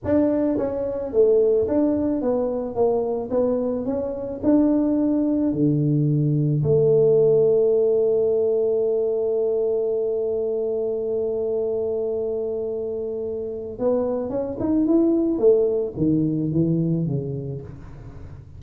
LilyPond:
\new Staff \with { instrumentName = "tuba" } { \time 4/4 \tempo 4 = 109 d'4 cis'4 a4 d'4 | b4 ais4 b4 cis'4 | d'2 d2 | a1~ |
a1~ | a1~ | a4 b4 cis'8 dis'8 e'4 | a4 dis4 e4 cis4 | }